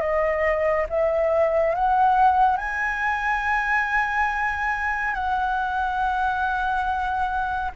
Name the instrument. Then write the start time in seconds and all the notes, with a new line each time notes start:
flute
0.00 D#5
0.89 E5
1.75 F#5
2.57 G#5
5.14 F#5